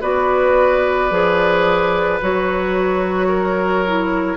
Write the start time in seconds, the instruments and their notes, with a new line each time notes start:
0.00 bassoon B3, clarinet F#4, oboe B4, flute D5
1.10 bassoon F3, clarinet G#4
2.21 bassoon F#3, clarinet F#4, flute C#5
3.28 oboe A#4
3.86 clarinet E4